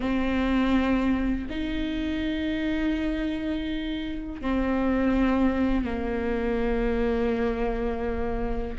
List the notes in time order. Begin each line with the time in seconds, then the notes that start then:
0.00 C4
1.49 D#4
4.41 C4
5.84 A#3